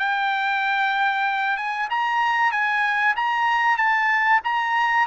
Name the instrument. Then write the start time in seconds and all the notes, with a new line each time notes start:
trumpet
0.00 G5
1.57 G#5
1.90 A#5
2.52 G#5
3.17 A#5
3.78 A5
4.44 A#5